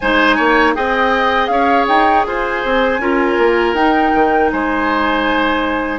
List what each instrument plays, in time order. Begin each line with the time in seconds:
0.00 bassoon G#3, clarinet D#4, oboe C5, flute G#5
0.36 bassoon A#3, oboe C#5
0.74 bassoon C4, clarinet G#4, oboe D#5, flute G5
1.47 bassoon C#4, oboe C#5, flute F5
1.88 bassoon D#4, flute G5
2.26 bassoon F4, oboe C5, flute G#5
2.65 bassoon C4
2.99 bassoon C#4, clarinet F4, oboe A#4
3.38 bassoon A#3
3.73 bassoon D#4, clarinet D#4, flute G5
4.14 bassoon D#3
4.52 bassoon G#3, oboe C5, flute G#5